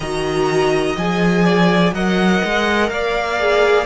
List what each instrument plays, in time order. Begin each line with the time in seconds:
0.00 cello D#3, viola F#4, violin D#5 A#5
0.96 cello F3, viola G#4, violin G#5
1.45 violin D5
1.92 cello F#3, viola A#4, violin D#5 F#5
2.44 cello G#3
2.89 cello A#3, violin D5 F5
3.39 viola G#4